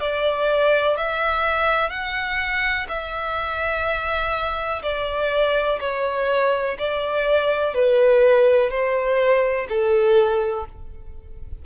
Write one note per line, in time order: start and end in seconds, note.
0.00 0.97 D5
0.97 1.90 E5
1.90 2.87 F#5
2.89 4.82 E5
4.83 5.79 D5
5.80 6.77 C#5
6.79 7.74 D5
7.74 8.70 B4
8.70 9.67 C5
9.69 10.65 A4